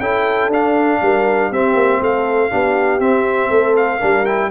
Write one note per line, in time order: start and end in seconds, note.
0.00 0.48 C#4
0.00 0.52 E4
0.00 1.00 A4
0.00 0.51 G5
0.48 0.98 D4
0.48 1.53 D4
0.48 1.53 F5
1.02 1.51 G3
1.02 1.51 A#4
1.51 1.75 C4
1.51 2.51 C4
1.51 2.01 G4
1.51 2.03 E5
1.75 2.00 A#3
2.01 2.51 A3
2.01 2.51 A4
2.01 3.01 F5
2.51 3.00 B3
2.51 3.01 D4
2.51 3.50 G4
3.00 3.50 C4
3.00 4.00 C4
3.00 3.76 E5
3.50 4.01 A3
3.50 3.98 A4
3.77 4.26 F5
3.98 4.51 G3
3.98 4.25 D4
3.98 4.48 A#4
4.26 4.51 E4
4.26 4.51 G5